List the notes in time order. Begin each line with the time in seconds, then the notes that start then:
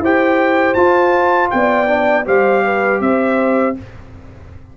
0.00 E4 G4 C5 G5
0.74 F4 A5
1.51 B3 D5 G5
1.87 D4
2.25 G3 G4 C5 F5
2.65 B4
3.01 C4 C5 E5